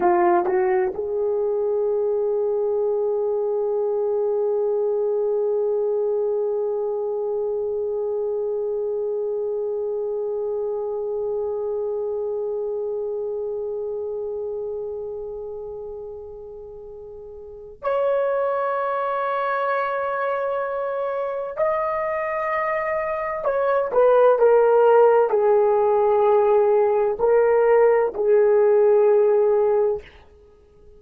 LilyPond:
\new Staff \with { instrumentName = "horn" } { \time 4/4 \tempo 4 = 64 f'8 fis'8 gis'2.~ | gis'1~ | gis'1~ | gis'1~ |
gis'2. cis''4~ | cis''2. dis''4~ | dis''4 cis''8 b'8 ais'4 gis'4~ | gis'4 ais'4 gis'2 | }